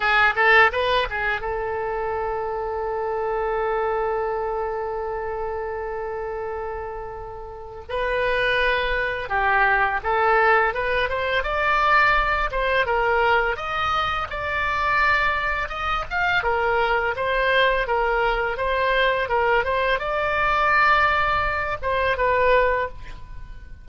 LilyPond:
\new Staff \with { instrumentName = "oboe" } { \time 4/4 \tempo 4 = 84 gis'8 a'8 b'8 gis'8 a'2~ | a'1~ | a'2. b'4~ | b'4 g'4 a'4 b'8 c''8 |
d''4. c''8 ais'4 dis''4 | d''2 dis''8 f''8 ais'4 | c''4 ais'4 c''4 ais'8 c''8 | d''2~ d''8 c''8 b'4 | }